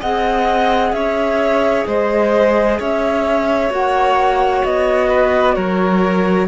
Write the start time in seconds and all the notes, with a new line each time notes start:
0.00 C4 G#4 D#5 F#5
0.92 C#4 C#5 E5
1.86 G#3 C5 D#5
2.80 C#4 C#5 E5
3.70 A#3 F#4 F#5
4.64 B3 D#5
5.08 B4
5.55 F#3 A#4 C#5